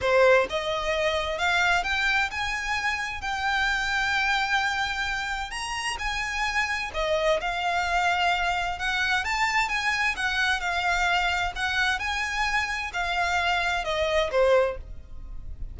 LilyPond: \new Staff \with { instrumentName = "violin" } { \time 4/4 \tempo 4 = 130 c''4 dis''2 f''4 | g''4 gis''2 g''4~ | g''1 | ais''4 gis''2 dis''4 |
f''2. fis''4 | a''4 gis''4 fis''4 f''4~ | f''4 fis''4 gis''2 | f''2 dis''4 c''4 | }